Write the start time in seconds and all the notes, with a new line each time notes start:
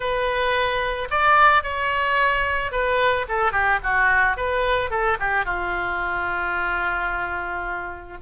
0.00 B4
1.10 D5
1.63 C#5
2.71 B4
3.28 A4
3.52 G4
3.83 F#4
4.36 B4
4.90 A4
5.19 G4
5.45 F4